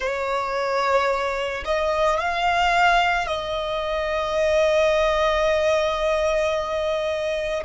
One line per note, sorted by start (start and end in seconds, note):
0.00 1.64 C#5
1.65 2.19 D#5
2.19 3.27 F5
3.27 7.63 D#5